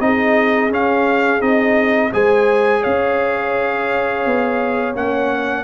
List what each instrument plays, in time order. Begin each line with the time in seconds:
0.00 tuba C4, trombone D#4, horn G#4, trumpet D#5
0.70 trombone C#4, tuba C#4, trumpet F5
1.40 tuba C4, trombone D#4, trumpet D#5
2.13 tuba G#3, trombone G#4, horn C5, trumpet G#5
2.81 tuba C#4, horn C#5, trumpet F5
4.26 tuba B3
4.95 tuba A#3, trombone C#4, trumpet F#5